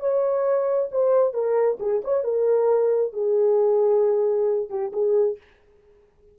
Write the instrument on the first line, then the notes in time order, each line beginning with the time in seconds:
horn
0.00 C#5
0.92 C5
1.34 A#4
1.80 G#4
2.04 C#5
2.24 A#4
3.13 G#4
4.70 G4
4.93 G#4